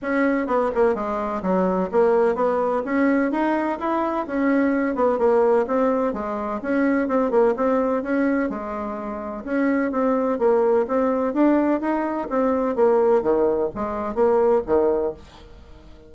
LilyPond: \new Staff \with { instrumentName = "bassoon" } { \time 4/4 \tempo 4 = 127 cis'4 b8 ais8 gis4 fis4 | ais4 b4 cis'4 dis'4 | e'4 cis'4. b8 ais4 | c'4 gis4 cis'4 c'8 ais8 |
c'4 cis'4 gis2 | cis'4 c'4 ais4 c'4 | d'4 dis'4 c'4 ais4 | dis4 gis4 ais4 dis4 | }